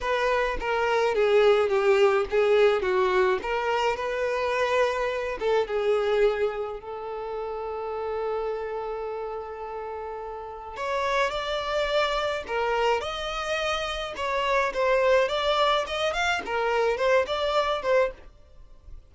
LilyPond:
\new Staff \with { instrumentName = "violin" } { \time 4/4 \tempo 4 = 106 b'4 ais'4 gis'4 g'4 | gis'4 fis'4 ais'4 b'4~ | b'4. a'8 gis'2 | a'1~ |
a'2. cis''4 | d''2 ais'4 dis''4~ | dis''4 cis''4 c''4 d''4 | dis''8 f''8 ais'4 c''8 d''4 c''8 | }